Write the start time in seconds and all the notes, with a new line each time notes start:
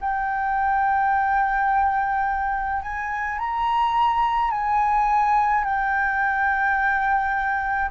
0.00 G5
2.82 G#5
3.39 A#5
4.51 G#5
5.64 G5